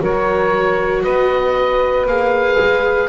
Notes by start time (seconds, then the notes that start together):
0.00 F#3 F#4 A#4 C#5
1.02 B3 B4 D#5
2.06 A#3 G#4 F5
2.59 G#3